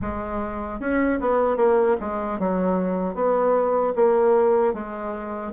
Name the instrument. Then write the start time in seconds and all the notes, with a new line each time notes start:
bassoon
0.01 G#3
0.80 C#4
1.20 B3
1.56 A#3
2.00 G#3
2.39 F#3
3.14 B3
3.95 A#3
4.73 G#3